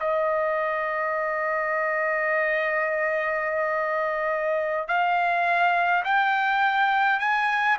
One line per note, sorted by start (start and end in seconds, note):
0.00 4.88 D#5
4.88 6.04 F5
6.05 7.20 G5
7.20 7.77 G#5